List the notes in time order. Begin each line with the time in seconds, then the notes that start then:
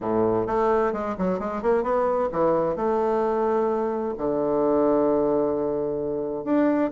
0.00 A2
0.46 A3
0.92 G#3
1.17 F#3
1.39 G#3
1.62 A#3
1.83 B3
2.31 E3
2.76 A3
4.17 D3
6.44 D4